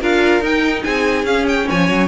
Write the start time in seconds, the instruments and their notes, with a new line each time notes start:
0.00 cello D4, viola F4, violin A#4 F5
0.41 cello D#4, viola D#4, violin G5
0.83 cello C4, violin G#4 G#5
1.24 cello C#4, viola C#4, violin F5
1.48 violin G5
1.67 cello F3, violin C#5 G#5
1.89 cello F#3